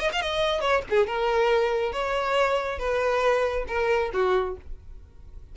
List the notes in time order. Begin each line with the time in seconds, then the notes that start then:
0.00 D#5
0.13 F5
0.22 D#5
0.61 C#5
0.90 G#4
1.07 A#4
1.93 C#5
2.79 B4
3.68 A#4
4.14 F#4